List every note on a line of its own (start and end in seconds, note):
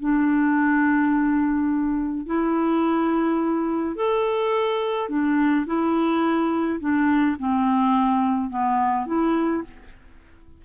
0.00 2.26 D4
2.26 3.96 E4
3.96 5.09 A4
5.09 5.66 D4
5.66 6.80 E4
6.80 7.36 D4
7.39 8.50 C4
8.50 9.06 B3
9.06 9.63 E4